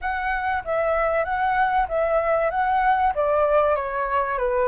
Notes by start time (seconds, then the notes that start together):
0.01 F#5
0.64 E5
1.24 F#5
1.88 E5
2.50 F#5
3.14 D5
3.75 C#5
4.38 B4